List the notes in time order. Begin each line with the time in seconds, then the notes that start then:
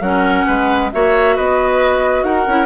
0.00 F#3 C#4 A#4 F#5
0.46 G#3 B4
0.92 A#3 F#4 C#5 E5
1.36 B3 B4 D#5
2.23 D#4 A#4 F#5
2.47 C#4 E4